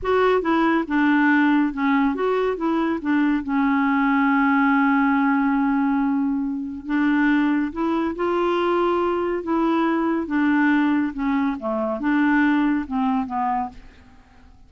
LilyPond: \new Staff \with { instrumentName = "clarinet" } { \time 4/4 \tempo 4 = 140 fis'4 e'4 d'2 | cis'4 fis'4 e'4 d'4 | cis'1~ | cis'1 |
d'2 e'4 f'4~ | f'2 e'2 | d'2 cis'4 a4 | d'2 c'4 b4 | }